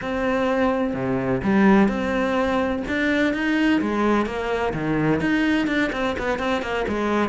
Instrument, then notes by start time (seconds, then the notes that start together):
cello
0.01 C4
0.93 C3
1.43 G3
1.88 C4
2.88 D4
3.33 D#4
3.81 G#3
4.26 A#3
4.73 D#3
5.20 D#4
5.67 D4
5.92 C4
6.18 B3
6.38 C4
6.62 A#3
6.87 G#3